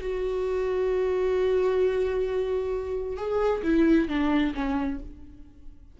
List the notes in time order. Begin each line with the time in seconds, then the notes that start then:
0.00 F#4
3.17 G#4
3.62 E4
4.08 D4
4.54 C#4